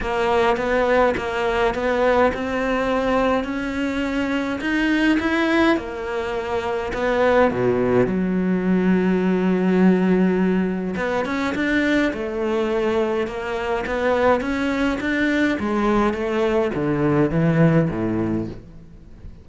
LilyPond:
\new Staff \with { instrumentName = "cello" } { \time 4/4 \tempo 4 = 104 ais4 b4 ais4 b4 | c'2 cis'2 | dis'4 e'4 ais2 | b4 b,4 fis2~ |
fis2. b8 cis'8 | d'4 a2 ais4 | b4 cis'4 d'4 gis4 | a4 d4 e4 a,4 | }